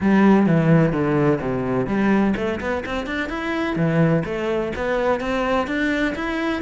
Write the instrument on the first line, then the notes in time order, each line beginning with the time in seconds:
cello
0.00 G3
0.46 E3
0.92 D3
1.40 C3
1.87 G3
2.36 A3
2.60 B3
2.85 C4
3.06 D4
3.29 E4
3.76 E3
4.25 A3
4.76 B3
5.20 C4
5.67 D4
6.15 E4